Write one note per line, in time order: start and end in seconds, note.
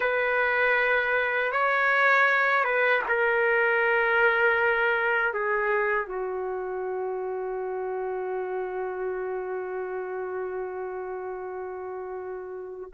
0.00 1.52 B4
1.52 2.64 C#5
2.64 3.02 B4
3.08 5.33 A#4
5.33 6.06 G#4
6.06 12.89 F#4